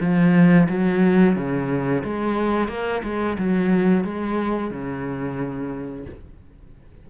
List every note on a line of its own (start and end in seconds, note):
0.00 0.67 F3
0.69 1.35 F#3
1.35 2.03 C#3
2.04 2.68 G#3
2.68 3.02 A#3
3.03 3.37 G#3
3.38 4.04 F#3
4.04 4.70 G#3
4.70 6.05 C#3